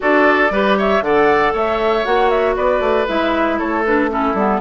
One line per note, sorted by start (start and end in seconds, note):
0.00 0.50 D4
0.00 0.50 F#4
0.00 0.52 A4
0.00 0.78 D5
0.50 1.01 G3
0.50 1.03 G4
0.50 0.78 B4
0.78 1.03 C#5
0.78 1.03 E5
1.01 1.52 D3
1.01 2.04 A4
1.01 1.53 D5
1.01 1.54 F#5
1.53 2.05 A3
1.53 2.55 C#5
1.53 2.05 E5
2.04 2.56 A#3
2.04 3.06 F#4
2.04 2.29 F#5
2.29 2.55 E5
2.56 2.80 B3
2.56 3.58 B4
2.56 3.07 D5
2.80 3.05 A3
3.07 3.60 G#3
3.07 3.84 E4
3.07 3.59 E5
3.58 4.34 A3
3.58 4.10 A4
3.58 3.84 C#5
3.85 4.10 D4
3.85 4.10 B4
4.10 4.35 C#4
4.10 4.61 E4
4.10 4.61 A4
4.34 4.59 G3
4.34 4.61 B3